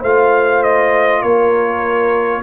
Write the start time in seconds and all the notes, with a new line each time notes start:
0.00 A3 F4 C5 F5
0.62 D#5
1.22 A#3 A#4 C#5